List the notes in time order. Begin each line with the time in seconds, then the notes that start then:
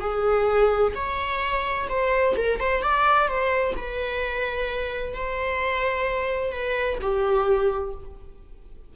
0.00 G#4
0.95 C#5
1.89 C5
2.36 A#4
2.60 C5
2.82 D5
3.28 C5
3.76 B4
5.14 C5
6.52 B4
7.01 G4